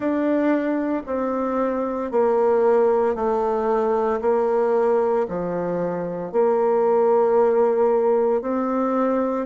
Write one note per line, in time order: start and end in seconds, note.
0.00 1.02 D4
1.06 2.11 C4
2.11 3.15 A#3
3.15 4.20 A3
4.21 5.26 A#3
5.28 6.32 F3
6.32 8.41 A#3
8.41 9.46 C4